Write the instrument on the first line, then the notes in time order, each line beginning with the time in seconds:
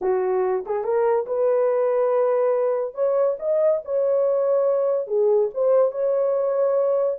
horn
0.01 F#4
0.66 G#4
0.83 A#4
1.26 B4
2.94 C#5
3.39 D#5
3.85 C#5
5.07 G#4
5.54 C5
5.91 C#5